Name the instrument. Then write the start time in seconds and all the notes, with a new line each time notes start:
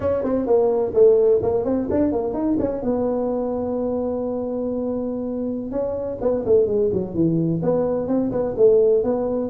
tuba
0.00 C#4
0.23 C4
0.46 A#3
0.94 A3
1.42 A#3
1.64 C4
1.90 D4
2.11 A#3
2.33 D#4
2.59 C#4
2.82 B3
5.71 C#4
6.21 B3
6.45 A3
6.66 G#3
6.92 F#3
7.14 E3
7.62 B3
8.07 C4
8.31 B3
8.56 A3
9.03 B3